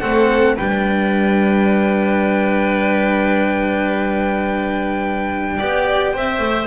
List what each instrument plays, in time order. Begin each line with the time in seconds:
0.00 double bass A3, cello C4, violin A4, trumpet F#5
0.56 double bass G3, cello D4, violin B4, trumpet G5
5.57 double bass B3, cello G4, violin D5
6.14 double bass C4, cello C5, violin E5
6.39 double bass A3